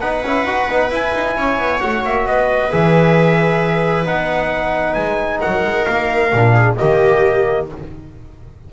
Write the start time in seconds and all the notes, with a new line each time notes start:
0.00 B3 D#4 B4 F#5
0.23 C#4 E4
0.44 D#4 F#4
0.67 B3 D#4
0.90 E4 G#5
1.13 D#4
1.36 C#4 C#5
1.58 B3
1.80 A3 F#4 F#5
2.04 A#3 E5
2.26 B3 B4 D#5
2.71 E3 G#4 E5
4.05 B3 D#4 F#5
4.94 G#3 G#5
5.41 F#3 A#4 F#5
5.64 G#3
5.85 A#3 F5
6.33 A#2 D4
6.54 G#4
6.76 D#3 A#3 G4 D#5